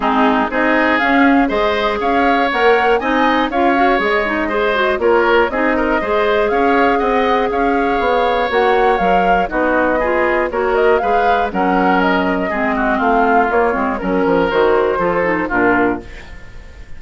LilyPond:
<<
  \new Staff \with { instrumentName = "flute" } { \time 4/4 \tempo 4 = 120 gis'4 dis''4 f''4 dis''4 | f''4 fis''4 gis''4 f''4 | dis''2 cis''4 dis''4~ | dis''4 f''4 fis''4 f''4~ |
f''4 fis''4 f''4 dis''4~ | dis''4 cis''8 dis''8 f''4 fis''4 | dis''2 f''4 cis''4 | ais'4 c''2 ais'4 | }
  \new Staff \with { instrumentName = "oboe" } { \time 4/4 dis'4 gis'2 c''4 | cis''2 dis''4 cis''4~ | cis''4 c''4 ais'4 gis'8 ais'8 | c''4 cis''4 dis''4 cis''4~ |
cis''2. fis'4 | gis'4 ais'4 b'4 ais'4~ | ais'4 gis'8 fis'8 f'2 | ais'2 a'4 f'4 | }
  \new Staff \with { instrumentName = "clarinet" } { \time 4/4 c'4 dis'4 cis'4 gis'4~ | gis'4 ais'4 dis'4 f'8 fis'8 | gis'8 dis'8 gis'8 fis'8 f'4 dis'4 | gis'1~ |
gis'4 fis'4 ais'4 dis'4 | f'4 fis'4 gis'4 cis'4~ | cis'4 c'2 ais8 c'8 | cis'4 fis'4 f'8 dis'8 d'4 | }
  \new Staff \with { instrumentName = "bassoon" } { \time 4/4 gis4 c'4 cis'4 gis4 | cis'4 ais4 c'4 cis'4 | gis2 ais4 c'4 | gis4 cis'4 c'4 cis'4 |
b4 ais4 fis4 b4~ | b4 ais4 gis4 fis4~ | fis4 gis4 a4 ais8 gis8 | fis8 f8 dis4 f4 ais,4 | }
>>